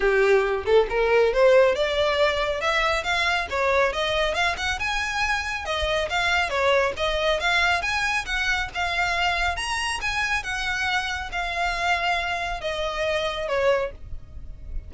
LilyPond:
\new Staff \with { instrumentName = "violin" } { \time 4/4 \tempo 4 = 138 g'4. a'8 ais'4 c''4 | d''2 e''4 f''4 | cis''4 dis''4 f''8 fis''8 gis''4~ | gis''4 dis''4 f''4 cis''4 |
dis''4 f''4 gis''4 fis''4 | f''2 ais''4 gis''4 | fis''2 f''2~ | f''4 dis''2 cis''4 | }